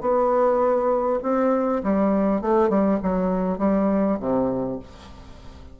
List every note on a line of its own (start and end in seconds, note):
0.00 1.19 B3
1.22 1.82 C4
1.83 2.41 G3
2.41 2.69 A3
2.69 2.99 G3
3.02 3.58 F#3
3.58 4.17 G3
4.19 4.79 C3